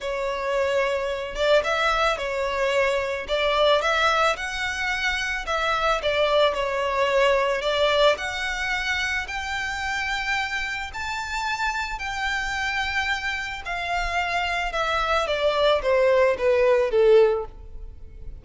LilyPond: \new Staff \with { instrumentName = "violin" } { \time 4/4 \tempo 4 = 110 cis''2~ cis''8 d''8 e''4 | cis''2 d''4 e''4 | fis''2 e''4 d''4 | cis''2 d''4 fis''4~ |
fis''4 g''2. | a''2 g''2~ | g''4 f''2 e''4 | d''4 c''4 b'4 a'4 | }